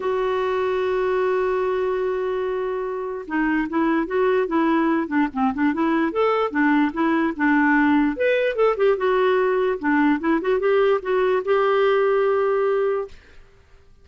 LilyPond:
\new Staff \with { instrumentName = "clarinet" } { \time 4/4 \tempo 4 = 147 fis'1~ | fis'1 | dis'4 e'4 fis'4 e'4~ | e'8 d'8 c'8 d'8 e'4 a'4 |
d'4 e'4 d'2 | b'4 a'8 g'8 fis'2 | d'4 e'8 fis'8 g'4 fis'4 | g'1 | }